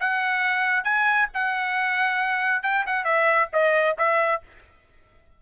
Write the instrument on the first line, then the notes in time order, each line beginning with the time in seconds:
trumpet
0.00 F#5
0.84 G#5
1.34 F#5
2.63 G5
2.86 F#5
3.05 E5
3.53 D#5
3.98 E5